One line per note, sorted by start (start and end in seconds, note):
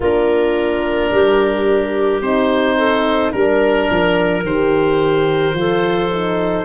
0.00 1.09 A#3
0.00 2.23 D4
0.00 1.11 F4
0.00 2.21 A#4
1.10 2.21 G3
1.10 2.77 G4
2.21 3.32 C4
2.21 3.32 D#4
2.21 3.32 C5
2.77 3.32 A4
3.32 3.89 G3
3.32 4.44 D4
3.32 4.43 A#4
3.32 5.57 A#4
3.90 4.43 F3
4.43 5.53 D#3
4.43 5.55 G4
4.43 6.65 C5
5.53 6.64 F3
5.53 6.10 F4
5.53 6.65 A4
6.12 6.65 D#4